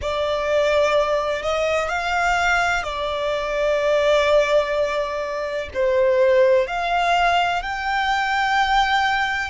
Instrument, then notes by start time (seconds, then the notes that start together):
violin
0.01 D5
1.42 D#5
1.88 F5
2.83 D5
5.74 C5
6.67 F5
7.62 G5